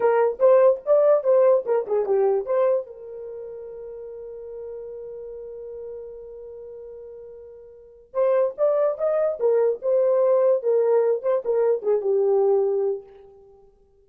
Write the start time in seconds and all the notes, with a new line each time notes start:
0.00 A#4
0.39 C5
0.85 D5
1.23 C5
1.65 A#4
1.86 G#4
2.05 G4
2.45 C5
2.86 A#4
8.13 C5
8.57 D5
8.98 D#5
9.39 A#4
9.81 C5
10.62 A#4
11.22 C5
11.45 A#4
11.82 G#4
12.01 G4